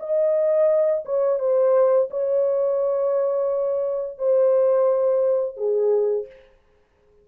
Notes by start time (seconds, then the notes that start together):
0.00 D#5
1.05 C#5
1.40 C5
2.11 C#5
4.19 C5
5.57 G#4